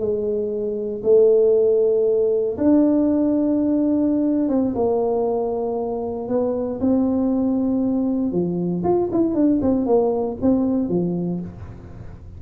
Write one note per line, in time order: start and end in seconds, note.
0.00 1.03 G#3
1.04 2.58 A3
2.58 4.49 D4
4.49 4.75 C4
4.75 6.29 A#3
6.29 6.80 B3
6.81 8.33 C4
8.33 8.84 F3
8.84 9.10 F4
9.13 9.35 E4
9.35 9.61 D4
9.62 9.86 C4
9.86 10.38 A#3
10.42 10.89 C4
10.89 11.41 F3